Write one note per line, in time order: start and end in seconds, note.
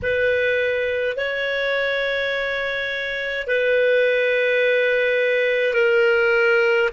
0.02 1.16 B4
1.16 3.47 C#5
3.47 5.73 B4
5.73 6.89 A#4